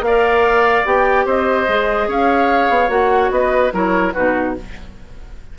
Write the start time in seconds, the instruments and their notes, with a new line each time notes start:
0.00 bassoon A#3, oboe D5, flute F5
0.06 clarinet A#4
0.85 bassoon B3, clarinet G4, flute G5
1.25 bassoon C4, oboe C5, flute D#5
1.68 bassoon G#3, clarinet G#4
2.07 bassoon C#4, oboe C#5, flute F5
2.69 bassoon B3
2.88 bassoon A#3, clarinet F#4, flute F#5
3.30 bassoon B3, oboe B4, flute D#5
3.72 bassoon F#3, clarinet E4, oboe A#4, flute C#5
4.12 bassoon B2, clarinet D#4, oboe F#4, flute B4